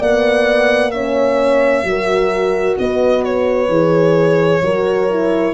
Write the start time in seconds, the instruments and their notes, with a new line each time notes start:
0.00 tuba A#3, horn B3 D5, violin F#5
0.91 horn C#4 C#5, violin E5
1.84 tuba F#3, horn F#4 A#4
2.79 tuba B3, horn B4, violin D#5
3.25 violin C#5
3.69 tuba E3, horn G#4
4.62 tuba F#3, horn F#4 A#4
5.10 horn E4